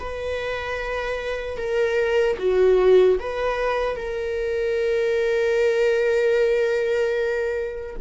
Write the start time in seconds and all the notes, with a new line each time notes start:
0.00 B4
1.58 A#4
2.39 F#4
3.20 B4
3.97 A#4